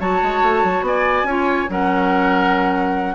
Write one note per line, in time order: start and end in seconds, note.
0.00 0.22 F#3
0.00 1.28 F#4
0.00 0.85 C#5
0.00 0.86 A5
0.23 0.43 G#3
0.43 0.64 A3
0.64 0.82 F#3
0.82 1.24 B3
0.82 1.28 D5
0.82 1.71 G#5
1.24 1.67 C#4
1.24 1.69 F4
1.24 1.71 C#5
1.69 3.15 F#3
1.69 3.15 C#4
1.69 3.15 A#4
1.69 3.15 F#5